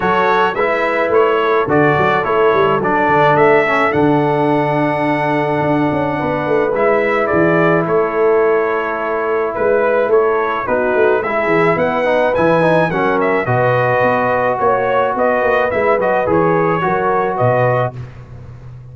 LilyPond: <<
  \new Staff \with { instrumentName = "trumpet" } { \time 4/4 \tempo 4 = 107 cis''4 e''4 cis''4 d''4 | cis''4 d''4 e''4 fis''4~ | fis''1 | e''4 d''4 cis''2~ |
cis''4 b'4 cis''4 b'4 | e''4 fis''4 gis''4 fis''8 e''8 | dis''2 cis''4 dis''4 | e''8 dis''8 cis''2 dis''4 | }
  \new Staff \with { instrumentName = "horn" } { \time 4/4 a'4 b'4. a'4.~ | a'1~ | a'2. b'4~ | b'4 gis'4 a'2~ |
a'4 b'4 a'4 fis'4 | gis'4 b'2 ais'4 | b'2 cis''4 b'4~ | b'2 ais'4 b'4 | }
  \new Staff \with { instrumentName = "trombone" } { \time 4/4 fis'4 e'2 fis'4 | e'4 d'4. cis'8 d'4~ | d'1 | e'1~ |
e'2. dis'4 | e'4. dis'8 e'8 dis'8 cis'4 | fis'1 | e'8 fis'8 gis'4 fis'2 | }
  \new Staff \with { instrumentName = "tuba" } { \time 4/4 fis4 gis4 a4 d8 fis8 | a8 g8 fis8 d8 a4 d4~ | d2 d'8 cis'8 b8 a8 | gis4 e4 a2~ |
a4 gis4 a4 b8 a8 | gis8 e8 b4 e4 fis4 | b,4 b4 ais4 b8 ais8 | gis8 fis8 e4 fis4 b,4 | }
>>